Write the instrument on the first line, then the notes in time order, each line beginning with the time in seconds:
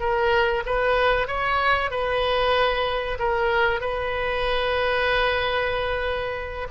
oboe
0.00 A#4
0.66 B4
1.28 C#5
1.91 B4
3.19 A#4
3.81 B4